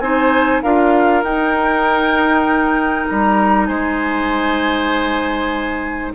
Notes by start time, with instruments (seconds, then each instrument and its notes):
0.00 bassoon C4, clarinet D#4, oboe C5, flute G#5
0.62 bassoon D4, clarinet F4, oboe A#4, flute F5
1.23 bassoon D#4, clarinet D#4, flute G5
3.08 bassoon G3, flute A#5
3.67 bassoon G#3, oboe C5, flute G#5